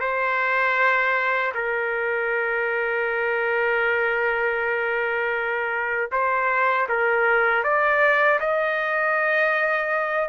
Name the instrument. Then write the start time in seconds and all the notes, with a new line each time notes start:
trumpet
0.00 C5
1.54 A#4
6.11 C5
6.89 A#4
7.64 D5
8.40 D#5